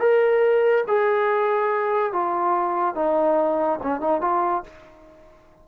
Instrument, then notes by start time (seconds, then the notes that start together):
trombone
0.00 A#4
0.88 G#4
2.13 F4
2.95 D#4
3.83 C#4
4.01 D#4
4.21 F4